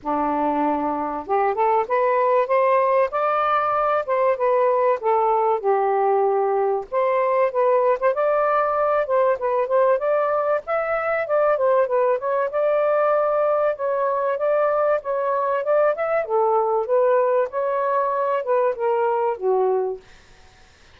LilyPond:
\new Staff \with { instrumentName = "saxophone" } { \time 4/4 \tempo 4 = 96 d'2 g'8 a'8 b'4 | c''4 d''4. c''8 b'4 | a'4 g'2 c''4 | b'8. c''16 d''4. c''8 b'8 c''8 |
d''4 e''4 d''8 c''8 b'8 cis''8 | d''2 cis''4 d''4 | cis''4 d''8 e''8 a'4 b'4 | cis''4. b'8 ais'4 fis'4 | }